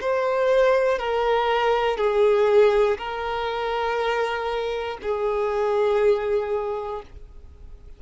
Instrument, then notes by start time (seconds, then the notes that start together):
violin
0.00 C5
0.98 A#4
1.97 G#4
2.97 A#4
5.02 G#4